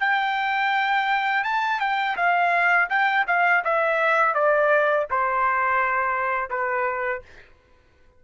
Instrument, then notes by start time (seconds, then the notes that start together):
trumpet
0.00 G5
1.44 A5
1.80 G5
2.16 F5
2.89 G5
3.27 F5
3.64 E5
4.34 D5
5.10 C5
6.50 B4